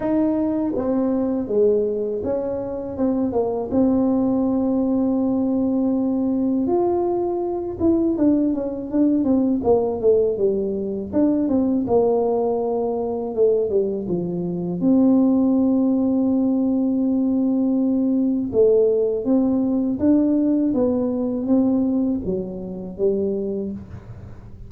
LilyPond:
\new Staff \with { instrumentName = "tuba" } { \time 4/4 \tempo 4 = 81 dis'4 c'4 gis4 cis'4 | c'8 ais8 c'2.~ | c'4 f'4. e'8 d'8 cis'8 | d'8 c'8 ais8 a8 g4 d'8 c'8 |
ais2 a8 g8 f4 | c'1~ | c'4 a4 c'4 d'4 | b4 c'4 fis4 g4 | }